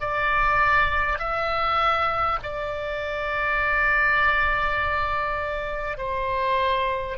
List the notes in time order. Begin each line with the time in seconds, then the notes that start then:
0.00 D5
1.19 E5
2.43 D5
5.97 C5